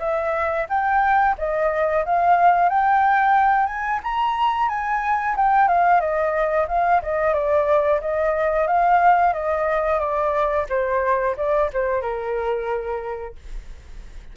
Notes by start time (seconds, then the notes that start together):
0.00 E5
0.69 G5
1.38 D#5
2.06 F5
2.70 G5
3.67 G#5
4.04 A#5
4.69 G#5
5.37 G5
5.68 F5
6.01 D#5
6.68 F5
7.03 D#5
7.34 D5
8.01 D#5
8.68 F5
9.33 D#5
10.00 D5
10.70 C5
11.37 D5
11.74 C5
12.02 A#4